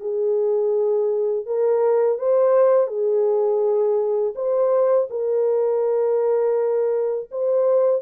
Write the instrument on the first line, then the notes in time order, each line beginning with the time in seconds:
horn
0.00 G#4
1.46 A#4
2.18 C5
2.87 G#4
4.35 C5
5.10 A#4
7.31 C5